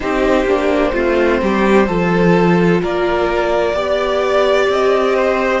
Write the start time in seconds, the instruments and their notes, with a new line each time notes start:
0.00 cello C4, viola D#4, violin G4 C5
0.44 cello A#3, viola D4
0.93 cello A3, viola C4, violin F4
1.41 cello G3, violin G4
1.87 cello F3, viola F4, violin A4
2.81 cello A#3, violin A#4 D5
3.73 cello B3, viola G4, violin D5
4.68 cello C4, violin D#5
5.15 violin C5